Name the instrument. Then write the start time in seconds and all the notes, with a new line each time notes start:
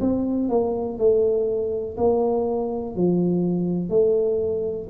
tuba
0.00 C4
0.49 A#3
0.98 A3
1.97 A#3
2.95 F3
3.89 A3